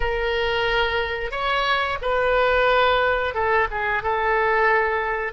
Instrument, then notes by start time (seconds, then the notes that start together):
oboe
0.00 A#4
1.31 C#5
2.01 B4
3.34 A4
3.70 G#4
4.02 A4